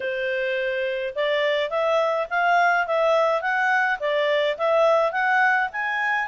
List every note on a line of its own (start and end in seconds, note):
0.00 1.14 C5
1.15 1.70 D5
1.70 2.27 E5
2.29 2.86 F5
2.86 3.41 E5
3.41 3.98 F#5
3.99 4.56 D5
4.57 5.12 E5
5.12 5.69 F#5
5.72 6.27 G#5